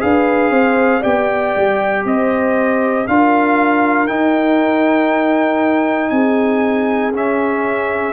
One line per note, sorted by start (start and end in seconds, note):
0.00 0.50 D4
0.00 1.02 G#4
0.00 0.51 B4
0.00 1.03 F5
0.50 1.01 C4
0.50 1.01 C5
1.01 1.56 B3
1.01 3.06 G4
1.01 2.03 D5
1.01 2.05 G5
1.57 2.05 G3
2.05 3.07 C4
2.05 3.09 C5
2.05 3.08 D#5
3.08 4.10 D4
3.08 4.08 F4
3.08 6.13 A#4
3.08 4.08 F5
4.08 7.13 D#4
4.08 6.11 D#4
4.08 6.10 G5
6.10 7.13 C4
6.10 8.14 G#4
6.10 7.12 G#5
7.13 8.14 C#4
7.13 8.14 E5